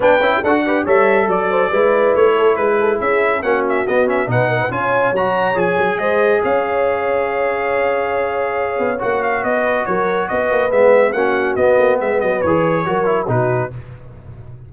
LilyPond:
<<
  \new Staff \with { instrumentName = "trumpet" } { \time 4/4 \tempo 4 = 140 g''4 fis''4 e''4 d''4~ | d''4 cis''4 b'4 e''4 | fis''8 e''8 dis''8 e''8 fis''4 gis''4 | ais''4 gis''4 dis''4 f''4~ |
f''1~ | f''4 fis''8 f''8 dis''4 cis''4 | dis''4 e''4 fis''4 dis''4 | e''8 dis''8 cis''2 b'4 | }
  \new Staff \with { instrumentName = "horn" } { \time 4/4 b'4 a'8 b'8 cis''4 d''8 c''8 | b'4. a'8 b'8 a'8 gis'4 | fis'2 b'8 ais'16 b'16 cis''4~ | cis''2 c''4 cis''4~ |
cis''1~ | cis''2~ cis''8 b'8 ais'4 | b'2 fis'2 | b'2 ais'4 fis'4 | }
  \new Staff \with { instrumentName = "trombone" } { \time 4/4 d'8 e'8 fis'8 g'8 a'2 | e'1 | cis'4 b8 cis'8 dis'4 f'4 | fis'4 gis'2.~ |
gis'1~ | gis'4 fis'2.~ | fis'4 b4 cis'4 b4~ | b4 gis'4 fis'8 e'8 dis'4 | }
  \new Staff \with { instrumentName = "tuba" } { \time 4/4 b8 cis'8 d'4 g4 fis4 | gis4 a4 gis4 cis'4 | ais4 b4 b,4 cis'4 | fis4 f8 fis8 gis4 cis'4~ |
cis'1~ | cis'8 b8 ais4 b4 fis4 | b8 ais8 gis4 ais4 b8 ais8 | gis8 fis8 e4 fis4 b,4 | }
>>